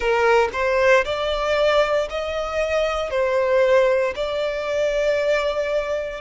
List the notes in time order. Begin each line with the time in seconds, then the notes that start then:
0.00 A#4
0.52 C5
1.04 D5
2.09 D#5
3.10 C5
4.15 D5